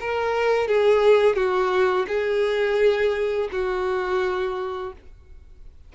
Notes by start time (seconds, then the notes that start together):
0.00 A#4
0.68 G#4
1.35 F#4
2.08 G#4
3.51 F#4